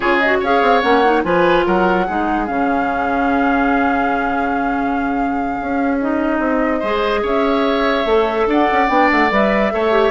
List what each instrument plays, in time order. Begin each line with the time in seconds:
0.00 bassoon C#3, clarinet F4, oboe G#4, flute C#5
0.19 clarinet F#4, flute D#5
0.40 bassoon C#4, clarinet G#4, oboe C#5, flute F5
0.61 bassoon C4
0.81 bassoon A#3, clarinet C#4, flute F#5
1.04 clarinet D#4
1.23 bassoon F3, clarinet F4, oboe B4, flute G#5
1.65 bassoon F#3, oboe A#4, flute F#5
2.06 bassoon G#3, clarinet D#4, oboe G#4
2.46 bassoon C#3, clarinet C#4, flute F5
5.61 bassoon C#4
6.00 clarinet D#4, flute D#5
6.39 bassoon C4
6.79 bassoon G#3, clarinet G#4, oboe C5
7.22 bassoon C#4, oboe C#5, flute E5
8.05 bassoon A3, clarinet A4
8.46 bassoon D4, oboe D5, flute F#5
8.71 bassoon C#4
8.87 bassoon B3, clarinet D4, flute G5
9.11 bassoon A3, flute F#5
9.30 bassoon G3, clarinet B4, flute E5
9.71 bassoon A3, clarinet A4, oboe C#5
9.91 clarinet G4